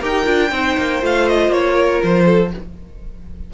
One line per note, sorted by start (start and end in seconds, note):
0.00 0.26 D#4
0.00 0.25 G4
0.00 0.50 A#4
0.00 1.04 G5
0.25 0.51 D4
0.25 0.50 F4
0.51 0.76 C4
0.51 1.01 D#4
0.51 1.74 C5
0.77 1.02 A#3
1.01 1.48 A3
1.01 2.51 F4
1.01 1.28 F5
1.28 1.52 D#5
1.48 1.98 A#3
1.48 2.02 C#5
1.74 2.24 A#4
2.03 2.53 F3
2.03 2.53 C5
2.25 2.50 A4